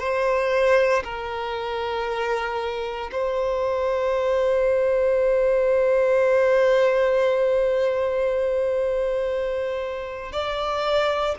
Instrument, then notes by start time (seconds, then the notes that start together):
violin
0.00 C5
1.04 A#4
3.12 C5
10.33 D5